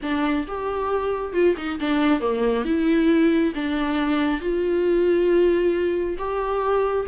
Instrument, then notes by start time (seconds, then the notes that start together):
viola
0.02 D4
0.47 G4
1.33 F4
1.57 D#4
1.79 D4
2.20 A#3
2.65 E4
3.54 D4
4.40 F4
6.18 G4